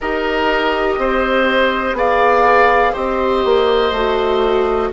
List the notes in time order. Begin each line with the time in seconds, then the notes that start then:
0.00 D#4 G4 A#4 D#5
0.98 C4 C5
1.93 B3 G#4 D5 F5
2.92 C4 G4 C5 D#5
3.44 A#3
3.91 A3 F#4